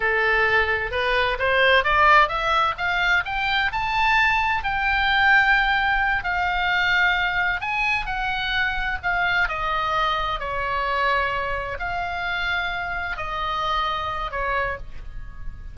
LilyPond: \new Staff \with { instrumentName = "oboe" } { \time 4/4 \tempo 4 = 130 a'2 b'4 c''4 | d''4 e''4 f''4 g''4 | a''2 g''2~ | g''4. f''2~ f''8~ |
f''8 gis''4 fis''2 f''8~ | f''8 dis''2 cis''4.~ | cis''4. f''2~ f''8~ | f''8 dis''2~ dis''8 cis''4 | }